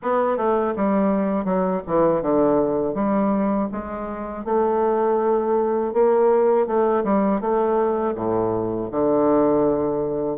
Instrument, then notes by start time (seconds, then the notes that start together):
bassoon
0.02 B3
0.37 A3
0.76 G3
1.44 F#3
1.87 E3
2.22 D3
2.94 G3
3.72 G#3
4.44 A3
5.93 A#3
6.66 A3
7.04 G3
7.40 A3
8.15 A2
8.91 D3